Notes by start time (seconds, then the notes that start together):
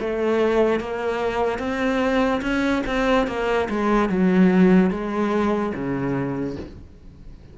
0.00 A3
0.80 A#3
1.59 C4
2.41 C#4
2.87 C4
3.27 A#3
3.69 G#3
4.09 F#3
4.91 G#3
5.74 C#3